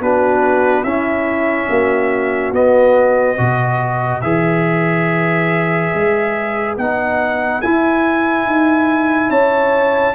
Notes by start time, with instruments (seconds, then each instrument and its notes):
0.00 tuba B3, trombone D4, horn F#4, trumpet B4
0.83 tuba C#4, trombone C#4, horn E4, trumpet E5
1.69 tuba A#3, horn F#4
2.52 tuba B3, trombone B3, trumpet D#5
3.37 tuba B2, trombone F#4, horn B4
4.21 tuba E3, trombone G#4, trumpet E5
5.95 tuba G#3
6.77 tuba B3, trombone D#4, trumpet F#5
7.61 tuba E4, trombone E4, trumpet G#5
8.46 tuba D#4
9.29 tuba C#4, horn C#5, trumpet A5